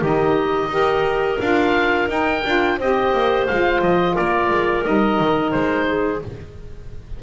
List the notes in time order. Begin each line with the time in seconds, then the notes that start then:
0.00 D#3 D#4 G4 D#5
0.69 D#4 G4 A#4
1.40 D4 F4 F5
2.08 D#4 G5
2.45 D4 F4
2.78 C4 G4 C5 D#5
3.13 A#3
3.47 G#3 F4 F5
3.81 F3 D#5
4.14 A#3 A#4 D5
4.50 G#3
4.84 G3 D#4 D#5
5.20 D#3
5.51 G#3 C5
5.88 G#4